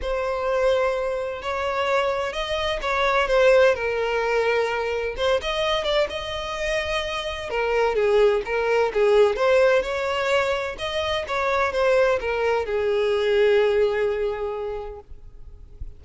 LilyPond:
\new Staff \with { instrumentName = "violin" } { \time 4/4 \tempo 4 = 128 c''2. cis''4~ | cis''4 dis''4 cis''4 c''4 | ais'2. c''8 dis''8~ | dis''8 d''8 dis''2. |
ais'4 gis'4 ais'4 gis'4 | c''4 cis''2 dis''4 | cis''4 c''4 ais'4 gis'4~ | gis'1 | }